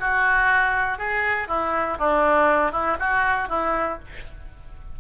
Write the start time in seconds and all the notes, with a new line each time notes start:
0.00 F#4
0.98 G#4
1.48 E4
1.99 D4
2.72 E4
3.00 F#4
3.49 E4